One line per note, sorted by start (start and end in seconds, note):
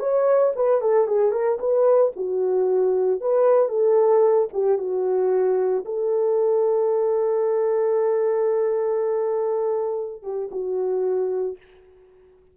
0.00 0.53 C#5
0.56 0.82 B4
0.82 1.08 A4
1.08 1.32 G#4
1.32 1.59 A#4
1.59 2.12 B4
2.16 3.21 F#4
3.21 3.69 B4
3.69 4.49 A4
4.53 4.78 G4
4.78 5.85 F#4
5.85 10.23 A4
10.23 10.50 G4
10.51 11.58 F#4